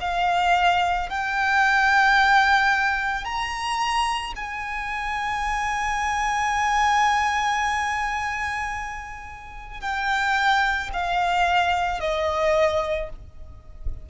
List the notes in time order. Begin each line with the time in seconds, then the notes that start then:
0.00 F5
1.09 G5
3.24 A#5
4.35 G#5
9.80 G5
10.93 F5
12.00 D#5